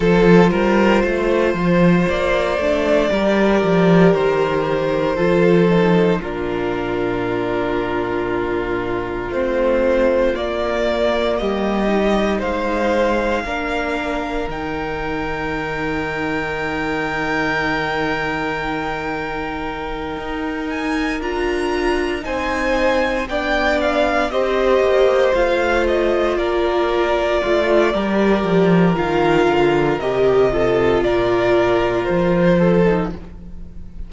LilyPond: <<
  \new Staff \with { instrumentName = "violin" } { \time 4/4 \tempo 4 = 58 c''2 d''2 | c''2 ais'2~ | ais'4 c''4 d''4 dis''4 | f''2 g''2~ |
g''1 | gis''8 ais''4 gis''4 g''8 f''8 dis''8~ | dis''8 f''8 dis''8 d''2~ d''8 | f''4 dis''4 d''4 c''4 | }
  \new Staff \with { instrumentName = "violin" } { \time 4/4 a'8 ais'8 c''2 ais'4~ | ais'4 a'4 f'2~ | f'2. g'4 | c''4 ais'2.~ |
ais'1~ | ais'4. c''4 d''4 c''8~ | c''4. ais'4 f'8 ais'4~ | ais'4. a'8 ais'4. a'8 | }
  \new Staff \with { instrumentName = "viola" } { \time 4/4 f'2~ f'8 d'8 g'4~ | g'4 f'8 dis'8 d'2~ | d'4 c'4 ais4. dis'8~ | dis'4 d'4 dis'2~ |
dis'1~ | dis'8 f'4 dis'4 d'4 g'8~ | g'8 f'2~ f'8 g'4 | f'4 g'8 f'2~ f'16 dis'16 | }
  \new Staff \with { instrumentName = "cello" } { \time 4/4 f8 g8 a8 f8 ais8 a8 g8 f8 | dis4 f4 ais,2~ | ais,4 a4 ais4 g4 | gis4 ais4 dis2~ |
dis2.~ dis8 dis'8~ | dis'8 d'4 c'4 b4 c'8 | ais8 a4 ais4 a8 g8 f8 | dis8 d8 c4 ais,4 f4 | }
>>